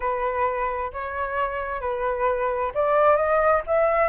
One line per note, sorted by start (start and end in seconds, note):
0.00 0.91 B4
0.92 1.81 C#5
1.81 2.71 B4
2.74 3.16 D5
3.16 3.62 D#5
3.66 4.09 E5